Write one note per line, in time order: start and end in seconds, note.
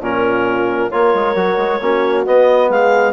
0.00 0.90 A#2
0.00 0.91 C#4
0.00 0.92 F4
0.00 0.90 A#4
0.90 1.14 A#3
0.90 1.35 F4
0.90 1.81 A#4
0.90 2.25 C#5
1.14 1.35 G#3
1.35 1.57 F#3
1.35 1.80 F#4
1.57 1.79 G#3
1.81 2.26 A#3
1.81 2.26 C#4
1.81 2.69 F#4
2.25 3.13 B3
2.25 2.69 B3
2.25 2.70 D#5
2.69 3.13 G#3
2.69 3.13 G#4
2.69 3.13 F5